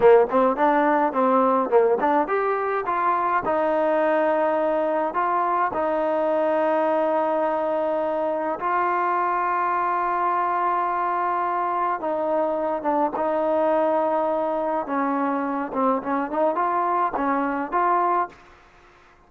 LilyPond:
\new Staff \with { instrumentName = "trombone" } { \time 4/4 \tempo 4 = 105 ais8 c'8 d'4 c'4 ais8 d'8 | g'4 f'4 dis'2~ | dis'4 f'4 dis'2~ | dis'2. f'4~ |
f'1~ | f'4 dis'4. d'8 dis'4~ | dis'2 cis'4. c'8 | cis'8 dis'8 f'4 cis'4 f'4 | }